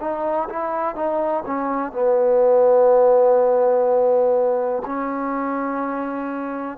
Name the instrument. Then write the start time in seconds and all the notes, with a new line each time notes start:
trombone
0.00 D#4
0.49 E4
0.95 D#4
1.46 C#4
1.93 B3
4.86 C#4